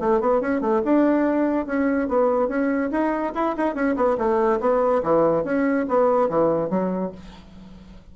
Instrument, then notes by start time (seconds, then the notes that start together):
bassoon
0.00 A3
0.21 B3
0.41 C#4
0.61 A3
0.85 D4
1.67 C#4
2.08 B3
2.48 C#4
2.92 D#4
3.35 E4
3.57 D#4
3.75 C#4
3.96 B3
4.18 A3
4.60 B3
5.03 E3
5.45 C#4
5.89 B3
6.29 E3
6.70 F#3